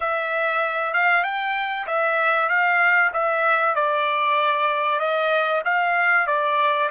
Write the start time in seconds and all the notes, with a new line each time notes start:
0.00 E5
0.93 F5
1.23 G5
1.87 E5
2.49 F5
3.12 E5
3.75 D5
4.99 D#5
5.64 F5
6.27 D5